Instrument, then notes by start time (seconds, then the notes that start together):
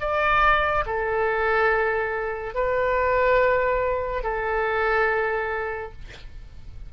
oboe
0.00 D5
0.86 A4
2.55 B4
4.23 A4